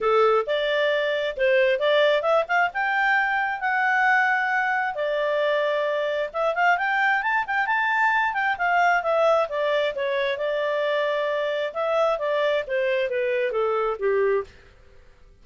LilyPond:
\new Staff \with { instrumentName = "clarinet" } { \time 4/4 \tempo 4 = 133 a'4 d''2 c''4 | d''4 e''8 f''8 g''2 | fis''2. d''4~ | d''2 e''8 f''8 g''4 |
a''8 g''8 a''4. g''8 f''4 | e''4 d''4 cis''4 d''4~ | d''2 e''4 d''4 | c''4 b'4 a'4 g'4 | }